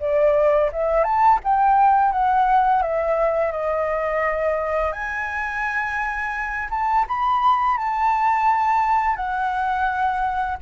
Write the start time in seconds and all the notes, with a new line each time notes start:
0.00 D5
0.73 E5
1.04 A5
1.44 G5
2.12 F#5
2.82 E5
3.52 D#5
4.92 G#5
6.70 A5
7.08 B5
7.77 A5
9.16 F#5